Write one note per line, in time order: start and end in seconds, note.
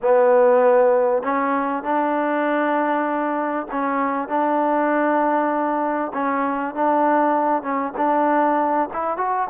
0.02 1.22 B3
1.22 1.83 C#4
1.83 3.67 D4
3.71 4.28 C#4
4.28 6.12 D4
6.13 6.74 C#4
6.75 7.62 D4
7.62 7.93 C#4
7.97 8.89 D4
8.93 9.17 E4
9.17 9.47 F#4